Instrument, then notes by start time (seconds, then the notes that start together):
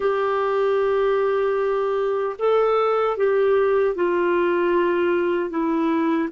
clarinet
0.00 G4
2.39 A4
3.17 G4
3.95 F4
5.49 E4